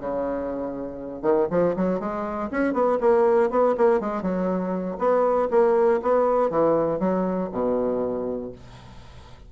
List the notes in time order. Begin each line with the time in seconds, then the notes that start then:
0.00 C#3
1.22 D#3
1.51 F3
1.77 F#3
2.00 G#3
2.51 C#4
2.73 B3
3.01 A#3
3.50 B3
3.77 A#3
4.00 G#3
4.22 F#3
4.99 B3
5.51 A#3
6.02 B3
6.50 E3
7.00 F#3
7.52 B2